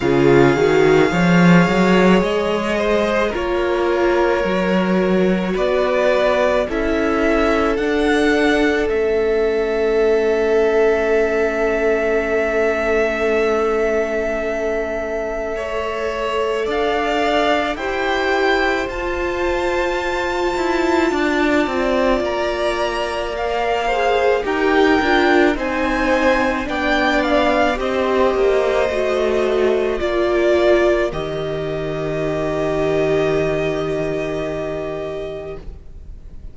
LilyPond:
<<
  \new Staff \with { instrumentName = "violin" } { \time 4/4 \tempo 4 = 54 f''2 dis''4 cis''4~ | cis''4 d''4 e''4 fis''4 | e''1~ | e''2. f''4 |
g''4 a''2. | ais''4 f''4 g''4 gis''4 | g''8 f''8 dis''2 d''4 | dis''1 | }
  \new Staff \with { instrumentName = "violin" } { \time 4/4 gis'4 cis''4. c''8 ais'4~ | ais'4 b'4 a'2~ | a'1~ | a'2 cis''4 d''4 |
c''2. d''4~ | d''4. c''8 ais'4 c''4 | d''4 c''2 ais'4~ | ais'1 | }
  \new Staff \with { instrumentName = "viola" } { \time 4/4 f'8 fis'8 gis'2 f'4 | fis'2 e'4 d'4 | cis'1~ | cis'2 a'2 |
g'4 f'2.~ | f'4 ais'8 gis'8 g'8 f'8 dis'4 | d'4 g'4 fis'4 f'4 | g'1 | }
  \new Staff \with { instrumentName = "cello" } { \time 4/4 cis8 dis8 f8 fis8 gis4 ais4 | fis4 b4 cis'4 d'4 | a1~ | a2. d'4 |
e'4 f'4. e'8 d'8 c'8 | ais2 dis'8 d'8 c'4 | b4 c'8 ais8 a4 ais4 | dis1 | }
>>